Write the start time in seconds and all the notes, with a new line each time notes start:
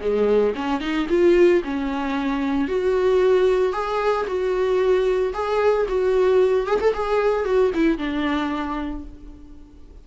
0.00 G#3
0.55 C#4
0.80 D#4
1.09 F4
1.64 C#4
2.68 F#4
3.73 G#4
4.27 F#4
5.33 G#4
5.88 F#4
6.66 G#4
6.80 A4
6.93 G#4
7.45 F#4
7.74 E4
7.98 D4